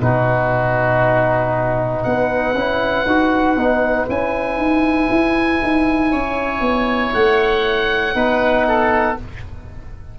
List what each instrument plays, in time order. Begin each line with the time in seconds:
0.00 tuba B2, trombone D#4, oboe F#4 B4
2.03 tuba B3, oboe B4 F#5
2.54 tuba C#4, trombone E4
3.05 tuba D#4, trombone F#4
3.56 tuba B3, trombone D#4
4.08 tuba C#4, trombone E4, oboe G#5
4.57 tuba D#4
5.10 tuba E4
5.62 tuba D#4
6.11 tuba C#4, oboe C#5
6.60 tuba B3
7.14 tuba A3, oboe F#5
8.14 tuba B3, trombone D#4, oboe B4
8.68 oboe A4